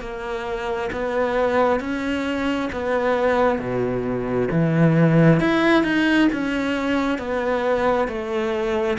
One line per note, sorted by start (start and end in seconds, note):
0.00 0.90 A#3
0.92 1.80 B3
1.80 2.69 C#4
2.72 3.59 B3
3.59 4.48 B2
4.51 5.40 E3
5.40 5.84 E4
5.84 6.28 D#4
6.32 7.18 C#4
7.18 8.08 B3
8.08 8.98 A3